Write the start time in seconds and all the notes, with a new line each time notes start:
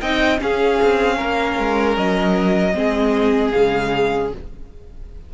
0.00 C4 D#4 D#5 G5
0.38 C#4 G#4 F5
0.82 C4
1.17 A#3 A#4
1.58 G#3
1.97 F#3 D#5
2.74 G#3 C4 G#4
3.51 C#3 G#3 F5